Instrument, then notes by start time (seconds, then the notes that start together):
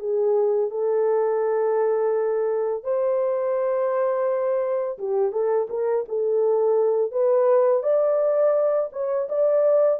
horn
0.00 G#4
0.71 A4
2.84 C5
4.99 G4
5.32 A4
5.70 A#4
6.09 A4
7.12 B4
7.83 D5
8.93 C#5
9.29 D5